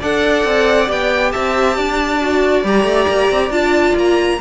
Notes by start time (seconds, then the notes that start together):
0.00 D4 A4 D5 F#5
0.45 C4
0.87 B3 G4 G5
1.32 C4 E5 A5
1.77 D4 D5
2.22 F#4
2.64 G3 G4 A#5
2.84 A3
3.09 A#3
3.31 C4
3.51 D4 F4 A5
3.95 A#3 A#5